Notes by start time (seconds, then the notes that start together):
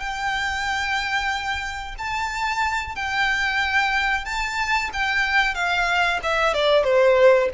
0.00 G5
1.98 A5
2.96 G5
4.25 A5
4.94 G5
5.55 F5
6.23 E5
6.54 D5
6.84 C5